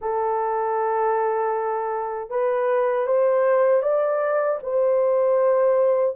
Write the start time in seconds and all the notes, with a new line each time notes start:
0.01 A4
2.29 B4
3.06 C5
3.82 D5
4.62 C5